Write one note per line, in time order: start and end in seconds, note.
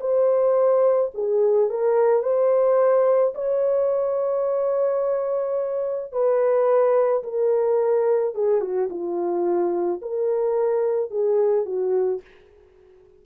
0.00 1.11 C5
1.14 1.70 G#4
1.70 2.22 A#4
2.22 3.33 C5
3.34 6.12 C#5
6.12 7.23 B4
7.23 8.34 A#4
8.34 8.61 G#4
8.61 8.88 F#4
8.89 10.01 F4
10.02 11.11 A#4
11.11 11.65 G#4
11.65 12.21 F#4